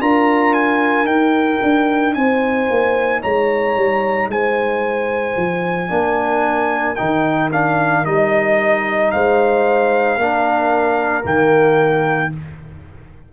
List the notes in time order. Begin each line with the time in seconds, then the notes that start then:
0.00 D4 F4 A#4 A#5
0.54 G#5
1.05 D#4 G5
1.62 D4
2.14 C4 C5 G#5
2.70 A#3
3.21 G#3 C#5 A#5
3.77 G3
4.28 G#3 C5 G#5
5.36 F3
5.89 A#3 D4 A#4
6.96 D#3 D#4 G5
7.52 D4 F5
8.05 G3 D#4 D#5
9.11 G#3 C5 F5
10.17 A#3 D4 A#4
11.23 D#3 A#3 G5